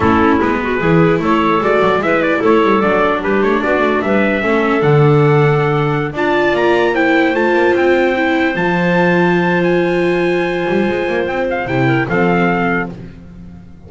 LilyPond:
<<
  \new Staff \with { instrumentName = "trumpet" } { \time 4/4 \tempo 4 = 149 a'4 b'2 cis''4 | d''4 e''8 d''8 cis''4 d''4 | b'8 cis''8 d''4 e''2 | fis''2.~ fis''16 a''8.~ |
a''16 ais''4 g''4 a''4 g''8.~ | g''4~ g''16 a''2~ a''8. | gis''1 | g''8 f''8 g''4 f''2 | }
  \new Staff \with { instrumentName = "clarinet" } { \time 4/4 e'4. fis'8 gis'4 a'4~ | a'4 b'4 a'2 | g'4 fis'4 b'4 a'4~ | a'2.~ a'16 d''8.~ |
d''4~ d''16 c''2~ c''8.~ | c''1~ | c''1~ | c''4. ais'8 a'2 | }
  \new Staff \with { instrumentName = "viola" } { \time 4/4 cis'4 b4 e'2 | fis'4 e'2 d'4~ | d'2. cis'4 | d'2.~ d'16 f'8.~ |
f'4~ f'16 e'4 f'4.~ f'16~ | f'16 e'4 f'2~ f'8.~ | f'1~ | f'4 e'4 c'2 | }
  \new Staff \with { instrumentName = "double bass" } { \time 4/4 a4 gis4 e4 a4 | gis8 fis8 gis4 a8 g8 fis4 | g8 a8 b8 a8 g4 a4 | d2.~ d16 d'8.~ |
d'16 ais2 a8 ais8 c'8.~ | c'4~ c'16 f2~ f8.~ | f2~ f8 g8 gis8 ais8 | c'4 c4 f2 | }
>>